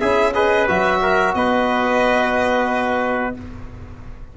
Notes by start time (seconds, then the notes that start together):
0.00 C#4 E4 G#4 E5
0.35 G#4 B4 D#5
0.68 F#3 F#4 E5
1.02 A#4
1.34 B3 B4 D#5